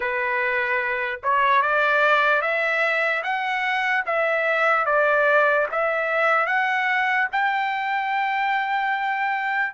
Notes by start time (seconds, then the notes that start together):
0.00 B4
1.23 C#5
1.62 D5
2.41 E5
3.23 F#5
4.05 E5
4.85 D5
5.71 E5
6.46 F#5
7.32 G5